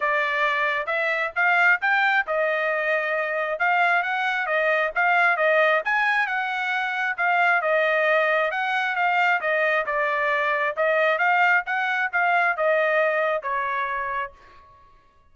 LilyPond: \new Staff \with { instrumentName = "trumpet" } { \time 4/4 \tempo 4 = 134 d''2 e''4 f''4 | g''4 dis''2. | f''4 fis''4 dis''4 f''4 | dis''4 gis''4 fis''2 |
f''4 dis''2 fis''4 | f''4 dis''4 d''2 | dis''4 f''4 fis''4 f''4 | dis''2 cis''2 | }